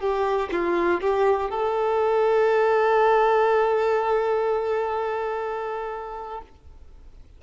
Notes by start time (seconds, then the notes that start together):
0.00 G4
0.52 F4
1.01 G4
1.50 A4